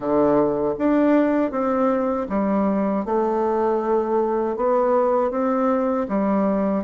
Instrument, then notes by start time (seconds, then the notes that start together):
bassoon
0.00 D3
0.78 D4
1.51 C4
2.29 G3
3.05 A3
4.56 B3
5.30 C4
6.08 G3